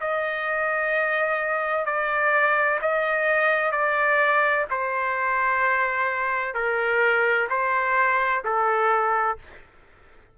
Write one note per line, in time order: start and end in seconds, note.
0.00 1.85 D#5
1.85 2.79 D5
2.82 3.72 D#5
3.72 4.65 D5
4.70 6.54 C5
6.54 7.48 A#4
7.50 8.43 C5
8.44 9.38 A4